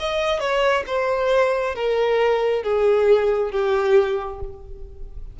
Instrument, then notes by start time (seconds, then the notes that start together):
violin
0.00 D#5
0.40 C#5
0.87 C5
1.75 A#4
2.64 G#4
3.52 G4